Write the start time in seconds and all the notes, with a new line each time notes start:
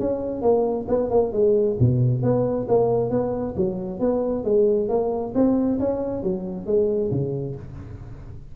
0.00 C#4
0.42 A#3
0.88 B3
1.11 A#3
1.33 G#3
1.79 B2
2.23 B3
2.68 A#3
3.10 B3
3.57 F#3
4.00 B3
4.44 G#3
4.89 A#3
5.35 C4
5.80 C#4
6.23 F#3
6.66 G#3
7.11 C#3